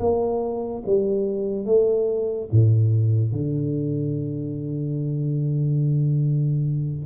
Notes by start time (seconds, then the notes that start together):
0.00 A#3
0.86 G3
1.66 A3
2.52 A2
3.33 D3